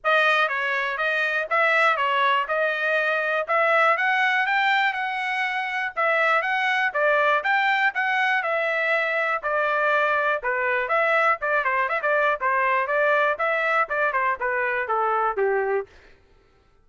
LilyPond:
\new Staff \with { instrumentName = "trumpet" } { \time 4/4 \tempo 4 = 121 dis''4 cis''4 dis''4 e''4 | cis''4 dis''2 e''4 | fis''4 g''4 fis''2 | e''4 fis''4 d''4 g''4 |
fis''4 e''2 d''4~ | d''4 b'4 e''4 d''8 c''8 | e''16 d''8. c''4 d''4 e''4 | d''8 c''8 b'4 a'4 g'4 | }